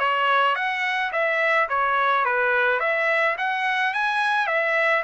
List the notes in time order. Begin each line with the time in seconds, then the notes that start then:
0.00 C#5
0.56 F#5
1.13 E5
1.69 C#5
2.26 B4
2.80 E5
3.38 F#5
3.94 G#5
4.47 E5